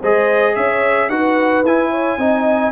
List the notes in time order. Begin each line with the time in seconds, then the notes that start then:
0.00 G#3 G#4 C5 D#5
0.55 C#4 C#5 E5
1.09 D#4 F#4 B4 F#5
1.63 E4 G#5
1.91 C#5
2.17 C4 D#4 D#5